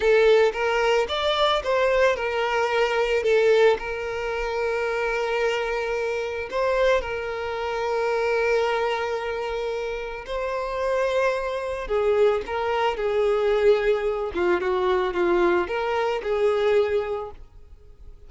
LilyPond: \new Staff \with { instrumentName = "violin" } { \time 4/4 \tempo 4 = 111 a'4 ais'4 d''4 c''4 | ais'2 a'4 ais'4~ | ais'1 | c''4 ais'2.~ |
ais'2. c''4~ | c''2 gis'4 ais'4 | gis'2~ gis'8 f'8 fis'4 | f'4 ais'4 gis'2 | }